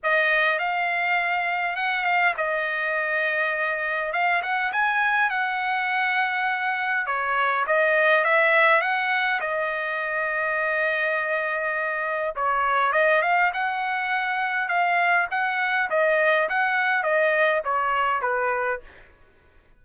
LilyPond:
\new Staff \with { instrumentName = "trumpet" } { \time 4/4 \tempo 4 = 102 dis''4 f''2 fis''8 f''8 | dis''2. f''8 fis''8 | gis''4 fis''2. | cis''4 dis''4 e''4 fis''4 |
dis''1~ | dis''4 cis''4 dis''8 f''8 fis''4~ | fis''4 f''4 fis''4 dis''4 | fis''4 dis''4 cis''4 b'4 | }